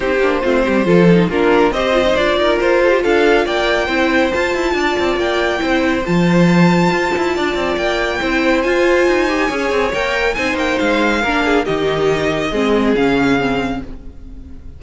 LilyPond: <<
  \new Staff \with { instrumentName = "violin" } { \time 4/4 \tempo 4 = 139 c''2. ais'4 | dis''4 d''4 c''4 f''4 | g''2 a''2 | g''2 a''2~ |
a''2 g''2 | gis''2. g''4 | gis''8 g''8 f''2 dis''4~ | dis''2 f''2 | }
  \new Staff \with { instrumentName = "violin" } { \time 4/4 g'4 f'8 g'8 a'4 f'4 | c''4. ais'4 a'16 g'16 a'4 | d''4 c''2 d''4~ | d''4 c''2.~ |
c''4 d''2 c''4~ | c''2 cis''2 | c''2 ais'8 gis'8 g'4~ | g'4 gis'2. | }
  \new Staff \with { instrumentName = "viola" } { \time 4/4 dis'8 d'8 c'4 f'8 dis'8 d'4 | g'8 f'16 dis'16 f'2.~ | f'4 e'4 f'2~ | f'4 e'4 f'2~ |
f'2. e'4 | f'4. g'8 gis'4 ais'4 | dis'2 d'4 dis'4~ | dis'4 c'4 cis'4 c'4 | }
  \new Staff \with { instrumentName = "cello" } { \time 4/4 c'8 ais8 a8 g8 f4 ais4 | c'4 d'8 dis'8 f'4 d'4 | ais4 c'4 f'8 e'8 d'8 c'8 | ais4 c'4 f2 |
f'8 e'8 d'8 c'8 ais4 c'4 | f'4 dis'4 cis'8 c'8 ais4 | c'8 ais8 gis4 ais4 dis4~ | dis4 gis4 cis2 | }
>>